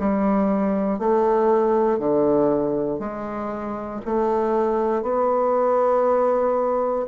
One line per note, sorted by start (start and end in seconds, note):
0.00 0.99 G3
0.99 1.99 A3
1.99 3.00 D3
3.00 4.01 G#3
4.05 5.02 A3
5.02 7.06 B3